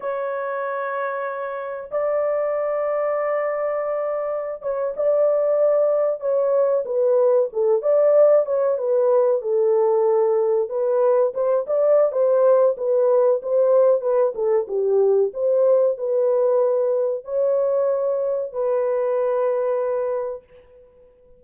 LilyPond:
\new Staff \with { instrumentName = "horn" } { \time 4/4 \tempo 4 = 94 cis''2. d''4~ | d''2.~ d''16 cis''8 d''16~ | d''4.~ d''16 cis''4 b'4 a'16~ | a'16 d''4 cis''8 b'4 a'4~ a'16~ |
a'8. b'4 c''8 d''8. c''4 | b'4 c''4 b'8 a'8 g'4 | c''4 b'2 cis''4~ | cis''4 b'2. | }